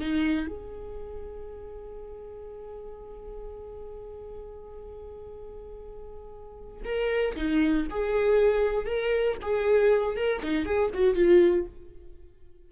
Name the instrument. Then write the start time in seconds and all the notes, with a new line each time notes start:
viola
0.00 D#4
0.47 G#4
6.84 A#4
7.36 D#4
7.90 G#4
8.86 A#4
9.42 G#4
10.16 A#4
10.43 D#4
10.65 G#4
10.93 F#4
11.15 F4